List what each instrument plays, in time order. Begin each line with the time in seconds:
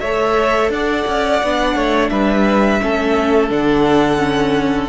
0.00 cello A3, viola A4, violin C#5 E5
0.70 cello D4, violin D5 F#5
1.07 cello C#4
1.43 cello B3, viola D4
1.75 cello A3, violin C#5
2.09 cello G3, violin B4 E5
2.81 cello A3, viola C#4, violin A4
3.50 cello D3, viola D4, violin F#5
4.18 viola C#4